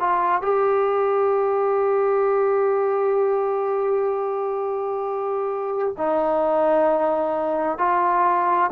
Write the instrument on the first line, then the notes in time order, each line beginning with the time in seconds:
trombone
0.00 F4
0.42 G4
5.97 D#4
7.78 F4